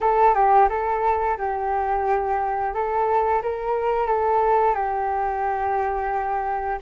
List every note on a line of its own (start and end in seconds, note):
0.00 0.34 A4
0.34 0.68 G4
0.68 1.37 A4
1.37 2.73 G4
2.73 3.42 A4
3.42 4.07 A#4
4.07 4.74 A4
4.74 6.78 G4